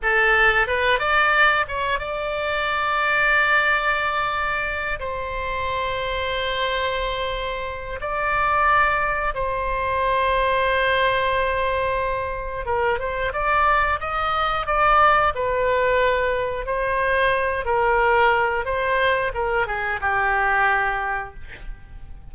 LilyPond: \new Staff \with { instrumentName = "oboe" } { \time 4/4 \tempo 4 = 90 a'4 b'8 d''4 cis''8 d''4~ | d''2.~ d''8 c''8~ | c''1 | d''2 c''2~ |
c''2. ais'8 c''8 | d''4 dis''4 d''4 b'4~ | b'4 c''4. ais'4. | c''4 ais'8 gis'8 g'2 | }